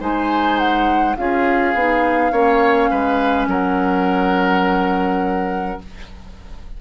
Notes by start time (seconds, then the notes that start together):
0.00 G#3 D#4 C5 G#5
0.58 F#5
1.17 C#4 F4 G#4 F5
1.74 B3 D#4
2.32 A#3 C#4 C#5
2.90 G#3 B4
3.47 F#3 A#4 F#5